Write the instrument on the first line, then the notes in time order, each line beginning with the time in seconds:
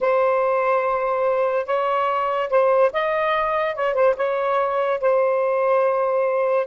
saxophone
0.00 C5
1.66 C#5
2.49 C5
2.92 D#5
3.75 C#5
3.94 C5
4.16 C#5
5.00 C5